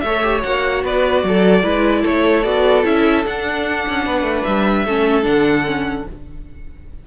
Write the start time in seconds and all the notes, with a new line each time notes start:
0.00 A3 C#5 E5
0.06 A4
0.22 G4
0.43 A#3 F#4 F#5
0.84 B3 B4 D5
1.23 F#3 A4
1.63 G#3 E4 B4
2.02 A3 A4 C#5
2.44 B3 F#4 D5
2.84 C#4 E4 E5
3.26 D4 F#5
3.88 C#4
4.06 B3 B4
4.22 A3
4.44 G3 E5
4.85 A3 C#4 A4
5.23 D3 D4 F#5
5.65 C#4